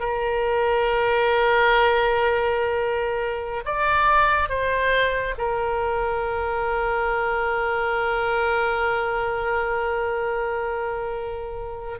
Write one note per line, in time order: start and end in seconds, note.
0.00 3.64 A#4
3.65 4.49 D5
4.49 5.35 C5
5.38 12.00 A#4